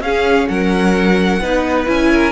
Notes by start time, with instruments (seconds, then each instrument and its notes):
0.00 cello C#4, viola C#4, violin G#4 F5
0.48 cello F#3, violin A#4 F#5
1.40 cello B3, viola D#4, violin B4
1.86 cello C#4, viola E4, violin G#5
2.12 violin A#4